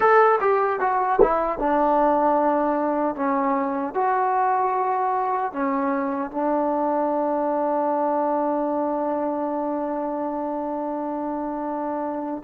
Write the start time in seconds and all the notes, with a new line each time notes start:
0.00 A4
0.41 G4
0.80 F#4
1.21 E4
1.58 D4
3.15 C#4
3.94 F#4
5.52 C#4
6.31 D4